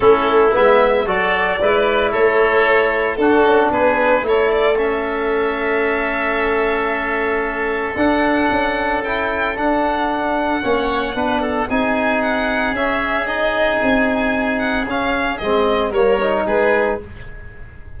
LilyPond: <<
  \new Staff \with { instrumentName = "violin" } { \time 4/4 \tempo 4 = 113 a'4 e''4 d''2 | cis''2 a'4 b'4 | cis''8 d''8 e''2.~ | e''2. fis''4~ |
fis''4 g''4 fis''2~ | fis''2 gis''4 fis''4 | e''4 dis''4 gis''4. fis''8 | f''4 dis''4 cis''4 b'4 | }
  \new Staff \with { instrumentName = "oboe" } { \time 4/4 e'2 a'4 b'4 | a'2 fis'4 gis'4 | a'1~ | a'1~ |
a'1 | cis''4 b'8 a'8 gis'2~ | gis'1~ | gis'2 ais'4 gis'4 | }
  \new Staff \with { instrumentName = "trombone" } { \time 4/4 cis'4 b4 fis'4 e'4~ | e'2 d'2 | e'4 cis'2.~ | cis'2. d'4~ |
d'4 e'4 d'2 | cis'4 d'4 dis'2 | cis'4 dis'2. | cis'4 c'4 ais8 dis'4. | }
  \new Staff \with { instrumentName = "tuba" } { \time 4/4 a4 gis4 fis4 gis4 | a2 d'8 cis'8 b4 | a1~ | a2. d'4 |
cis'2 d'2 | ais4 b4 c'2 | cis'2 c'2 | cis'4 gis4 g4 gis4 | }
>>